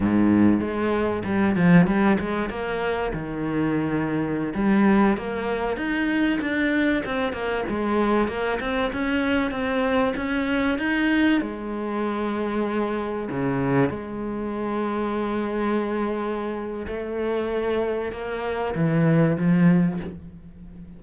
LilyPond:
\new Staff \with { instrumentName = "cello" } { \time 4/4 \tempo 4 = 96 gis,4 gis4 g8 f8 g8 gis8 | ais4 dis2~ dis16 g8.~ | g16 ais4 dis'4 d'4 c'8 ais16~ | ais16 gis4 ais8 c'8 cis'4 c'8.~ |
c'16 cis'4 dis'4 gis4.~ gis16~ | gis4~ gis16 cis4 gis4.~ gis16~ | gis2. a4~ | a4 ais4 e4 f4 | }